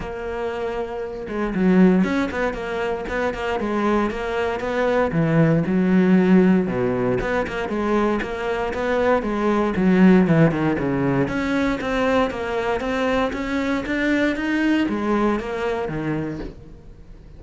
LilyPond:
\new Staff \with { instrumentName = "cello" } { \time 4/4 \tempo 4 = 117 ais2~ ais8 gis8 fis4 | cis'8 b8 ais4 b8 ais8 gis4 | ais4 b4 e4 fis4~ | fis4 b,4 b8 ais8 gis4 |
ais4 b4 gis4 fis4 | e8 dis8 cis4 cis'4 c'4 | ais4 c'4 cis'4 d'4 | dis'4 gis4 ais4 dis4 | }